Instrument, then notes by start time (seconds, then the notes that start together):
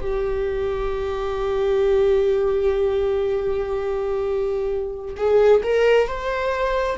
viola
0.00 G4
5.16 G#4
5.63 A#4
6.07 C5